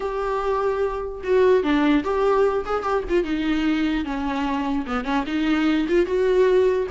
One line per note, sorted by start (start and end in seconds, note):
0.00 1.21 G4
1.23 1.63 F#4
1.63 2.03 D4
2.04 2.64 G4
2.65 2.82 G#4
2.82 3.03 G4
3.09 3.24 F4
3.24 4.04 D#4
4.04 4.85 C#4
4.86 5.04 B3
5.04 5.24 C#4
5.26 5.87 D#4
5.88 6.06 F4
6.06 6.87 F#4